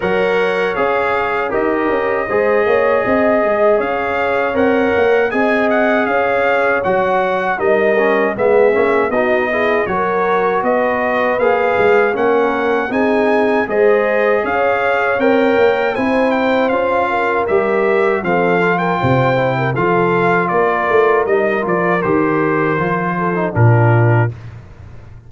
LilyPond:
<<
  \new Staff \with { instrumentName = "trumpet" } { \time 4/4 \tempo 4 = 79 fis''4 f''4 dis''2~ | dis''4 f''4 fis''4 gis''8 fis''8 | f''4 fis''4 dis''4 e''4 | dis''4 cis''4 dis''4 f''4 |
fis''4 gis''4 dis''4 f''4 | g''4 gis''8 g''8 f''4 e''4 | f''8. g''4~ g''16 f''4 d''4 | dis''8 d''8 c''2 ais'4 | }
  \new Staff \with { instrumentName = "horn" } { \time 4/4 cis''2 ais'4 c''8 cis''8 | dis''4 cis''2 dis''4 | cis''2 ais'4 gis'4 | fis'8 gis'8 ais'4 b'2 |
ais'4 gis'4 c''4 cis''4~ | cis''4 c''4. ais'4. | a'8. ais'16 c''8. ais'16 a'4 ais'4~ | ais'2~ ais'8 a'8 f'4 | }
  \new Staff \with { instrumentName = "trombone" } { \time 4/4 ais'4 gis'4 g'4 gis'4~ | gis'2 ais'4 gis'4~ | gis'4 fis'4 dis'8 cis'8 b8 cis'8 | dis'8 e'8 fis'2 gis'4 |
cis'4 dis'4 gis'2 | ais'4 e'4 f'4 g'4 | c'8 f'4 e'8 f'2 | dis'8 f'8 g'4 f'8. dis'16 d'4 | }
  \new Staff \with { instrumentName = "tuba" } { \time 4/4 fis4 cis'4 dis'8 cis'8 gis8 ais8 | c'8 gis8 cis'4 c'8 ais8 c'4 | cis'4 fis4 g4 gis8 ais8 | b4 fis4 b4 ais8 gis8 |
ais4 c'4 gis4 cis'4 | c'8 ais8 c'4 cis'4 g4 | f4 c4 f4 ais8 a8 | g8 f8 dis4 f4 ais,4 | }
>>